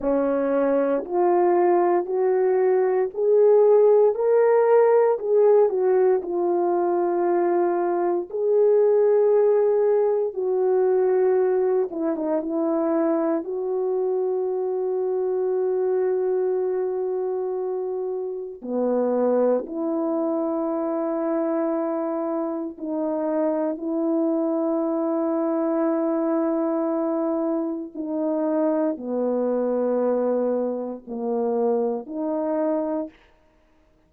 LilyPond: \new Staff \with { instrumentName = "horn" } { \time 4/4 \tempo 4 = 58 cis'4 f'4 fis'4 gis'4 | ais'4 gis'8 fis'8 f'2 | gis'2 fis'4. e'16 dis'16 | e'4 fis'2.~ |
fis'2 b4 e'4~ | e'2 dis'4 e'4~ | e'2. dis'4 | b2 ais4 dis'4 | }